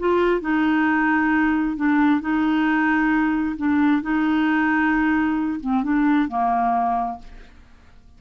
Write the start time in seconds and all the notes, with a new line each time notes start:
0.00 F4
0.41 D#4
1.77 D4
2.21 D#4
3.57 D4
4.03 D#4
5.61 C4
5.84 D4
6.29 A#3